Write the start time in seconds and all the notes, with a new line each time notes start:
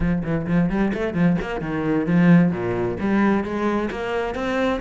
0.00 F3
0.23 E3
0.47 F3
0.69 G3
0.93 A3
1.13 F3
1.41 A#3
1.61 D#3
2.06 F3
2.51 A#2
2.99 G3
3.44 G#3
3.90 A#3
4.34 C4